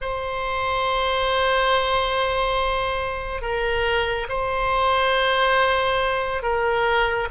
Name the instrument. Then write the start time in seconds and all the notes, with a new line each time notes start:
oboe
0.01 C5
3.41 A#4
4.29 C5
6.42 A#4